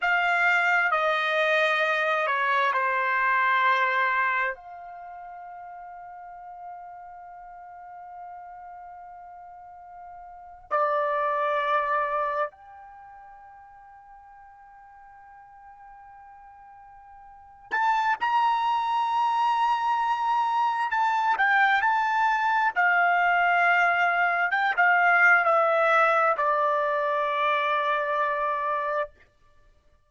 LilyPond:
\new Staff \with { instrumentName = "trumpet" } { \time 4/4 \tempo 4 = 66 f''4 dis''4. cis''8 c''4~ | c''4 f''2.~ | f''2.~ f''8. d''16~ | d''4.~ d''16 g''2~ g''16~ |
g''2.~ g''8 a''8 | ais''2. a''8 g''8 | a''4 f''2 g''16 f''8. | e''4 d''2. | }